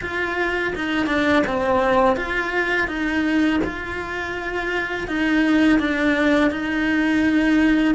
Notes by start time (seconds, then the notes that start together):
0.01 F4
0.75 D#4
1.06 D4
1.46 C4
2.16 F4
2.87 D#4
3.64 F4
5.07 D#4
5.79 D4
6.51 D#4